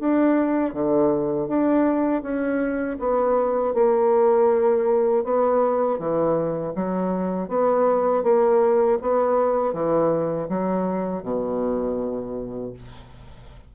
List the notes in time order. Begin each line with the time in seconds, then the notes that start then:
0.00 D4
0.74 D3
1.48 D4
2.23 C#4
3.00 B3
3.74 A#3
5.24 B3
5.99 E3
6.75 F#3
7.49 B3
8.24 A#3
9.02 B3
9.74 E3
10.49 F#3
11.23 B2